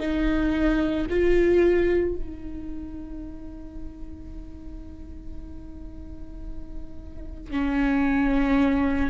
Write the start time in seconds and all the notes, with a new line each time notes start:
0.00 D#4
1.10 F4
2.16 D#4
7.51 C#4